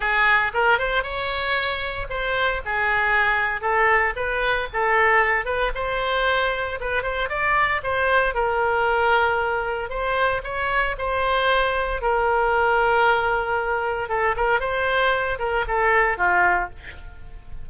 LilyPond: \new Staff \with { instrumentName = "oboe" } { \time 4/4 \tempo 4 = 115 gis'4 ais'8 c''8 cis''2 | c''4 gis'2 a'4 | b'4 a'4. b'8 c''4~ | c''4 b'8 c''8 d''4 c''4 |
ais'2. c''4 | cis''4 c''2 ais'4~ | ais'2. a'8 ais'8 | c''4. ais'8 a'4 f'4 | }